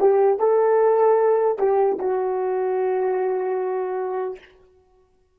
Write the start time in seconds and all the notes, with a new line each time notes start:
0.00 G4
0.39 A4
1.59 G4
1.99 F#4